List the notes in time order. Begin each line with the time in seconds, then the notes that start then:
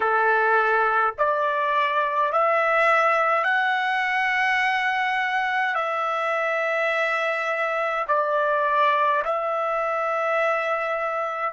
0.00 A4
1.17 D5
2.32 E5
3.44 F#5
5.74 E5
8.07 D5
9.24 E5